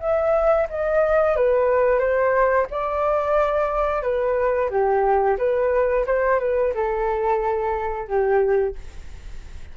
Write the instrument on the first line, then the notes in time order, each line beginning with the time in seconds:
flute
0.00 E5
0.70 D#5
1.36 B4
1.99 C5
2.71 D5
4.02 B4
4.70 G4
5.38 B4
6.06 C5
6.40 B4
6.74 A4
8.08 G4